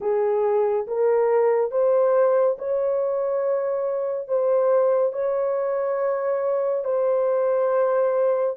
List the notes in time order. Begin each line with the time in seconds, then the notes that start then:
0.00 G#4
0.87 A#4
1.71 C5
2.58 C#5
4.28 C5
5.12 C#5
6.84 C5